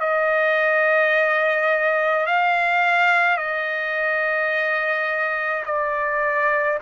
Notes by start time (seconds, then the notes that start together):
0.00 D#5
2.27 F5
3.38 D#5
5.66 D5